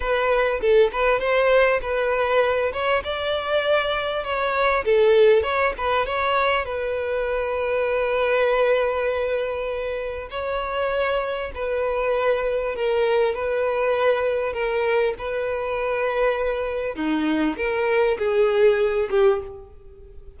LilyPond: \new Staff \with { instrumentName = "violin" } { \time 4/4 \tempo 4 = 99 b'4 a'8 b'8 c''4 b'4~ | b'8 cis''8 d''2 cis''4 | a'4 cis''8 b'8 cis''4 b'4~ | b'1~ |
b'4 cis''2 b'4~ | b'4 ais'4 b'2 | ais'4 b'2. | dis'4 ais'4 gis'4. g'8 | }